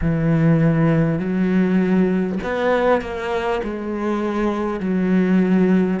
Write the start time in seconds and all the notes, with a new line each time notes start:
0.01 E3
1.18 F#3
2.43 B3
3.01 A#3
3.63 G#3
4.80 F#3